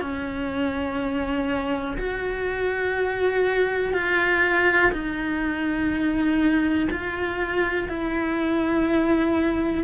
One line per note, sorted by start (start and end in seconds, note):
0.00 1.97 C#4
1.97 3.93 F#4
3.93 4.91 F4
4.92 6.89 D#4
6.90 7.88 F4
7.88 9.84 E4